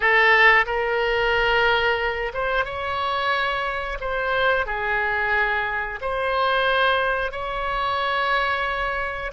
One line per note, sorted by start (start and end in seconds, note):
0.00 0.65 A4
0.65 2.32 A#4
2.33 2.65 C5
2.65 3.98 C#5
4.00 4.66 C5
4.66 5.99 G#4
6.01 7.31 C5
7.31 9.31 C#5